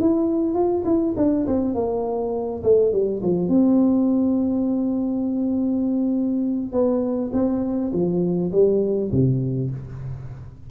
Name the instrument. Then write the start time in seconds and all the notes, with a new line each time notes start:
tuba
0.00 E4
0.54 F4
0.85 E4
1.17 D4
1.47 C4
1.75 A#3
2.63 A3
2.92 G3
3.22 F3
3.48 C4
6.72 B3
7.33 C4
7.93 F3
8.52 G3
9.11 C3